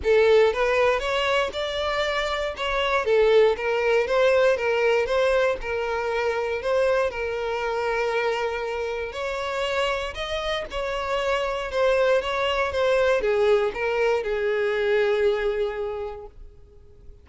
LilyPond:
\new Staff \with { instrumentName = "violin" } { \time 4/4 \tempo 4 = 118 a'4 b'4 cis''4 d''4~ | d''4 cis''4 a'4 ais'4 | c''4 ais'4 c''4 ais'4~ | ais'4 c''4 ais'2~ |
ais'2 cis''2 | dis''4 cis''2 c''4 | cis''4 c''4 gis'4 ais'4 | gis'1 | }